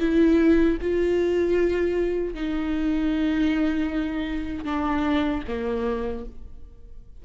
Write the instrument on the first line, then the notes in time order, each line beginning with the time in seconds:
viola
0.00 E4
0.82 F4
2.34 D#4
4.65 D4
5.48 A#3